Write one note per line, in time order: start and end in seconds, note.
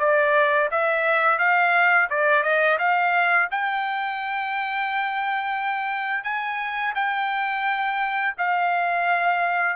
0.00 0.70 D5
0.72 1.39 E5
1.39 2.09 F5
2.10 2.44 D5
2.44 2.78 D#5
2.79 3.49 F5
3.51 6.24 G5
6.24 6.94 G#5
6.95 8.35 G5
8.38 9.77 F5